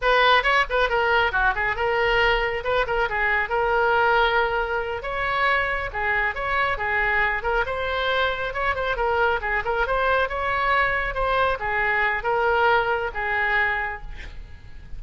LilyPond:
\new Staff \with { instrumentName = "oboe" } { \time 4/4 \tempo 4 = 137 b'4 cis''8 b'8 ais'4 fis'8 gis'8 | ais'2 b'8 ais'8 gis'4 | ais'2.~ ais'8 cis''8~ | cis''4. gis'4 cis''4 gis'8~ |
gis'4 ais'8 c''2 cis''8 | c''8 ais'4 gis'8 ais'8 c''4 cis''8~ | cis''4. c''4 gis'4. | ais'2 gis'2 | }